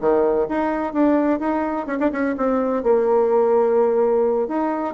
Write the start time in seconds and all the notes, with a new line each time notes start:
0.00 D#3
0.48 D#4
0.93 D4
1.39 D#4
1.86 C#4
1.99 D4
2.12 C#4
2.37 C4
2.83 A#3
4.48 D#4